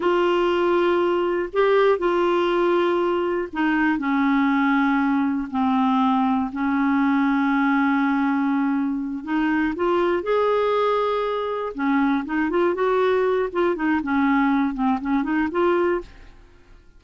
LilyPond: \new Staff \with { instrumentName = "clarinet" } { \time 4/4 \tempo 4 = 120 f'2. g'4 | f'2. dis'4 | cis'2. c'4~ | c'4 cis'2.~ |
cis'2~ cis'8 dis'4 f'8~ | f'8 gis'2. cis'8~ | cis'8 dis'8 f'8 fis'4. f'8 dis'8 | cis'4. c'8 cis'8 dis'8 f'4 | }